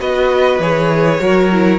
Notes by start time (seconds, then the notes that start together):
0.00 B3 F#4 B4 D#5
0.59 E3 G#4 C#5
1.19 F#3 F#4 A#4
1.52 E4